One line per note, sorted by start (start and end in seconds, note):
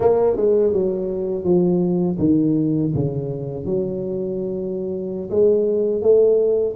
0.00 0.36 A#3
0.36 0.73 G#3
0.73 1.44 F#3
1.44 2.17 F3
2.19 2.92 D#3
2.94 3.65 C#3
3.65 5.29 F#3
5.30 6.02 G#3
6.02 6.75 A3